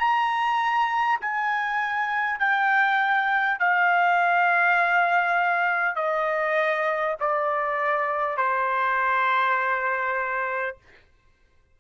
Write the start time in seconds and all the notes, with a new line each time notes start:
0.00 A#5
1.22 G#5
2.39 G5
3.60 F5
5.96 D#5
7.21 D5
8.38 C5